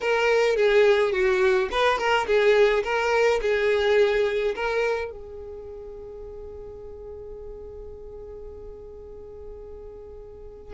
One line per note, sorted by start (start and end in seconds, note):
0.01 0.56 A#4
0.56 1.12 G#4
1.12 1.69 F#4
1.71 1.98 B4
1.98 2.26 A#4
2.26 2.83 G#4
2.83 3.40 A#4
3.41 4.54 G#4
4.55 5.10 A#4
5.10 10.74 G#4